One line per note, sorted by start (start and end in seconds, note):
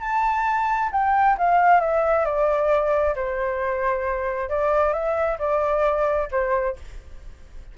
0.00 0.90 A5
0.92 1.36 G5
1.38 1.80 F5
1.80 2.25 E5
2.25 3.14 D5
3.15 4.49 C5
4.49 4.93 D5
4.93 5.37 E5
5.39 6.28 D5
6.31 6.76 C5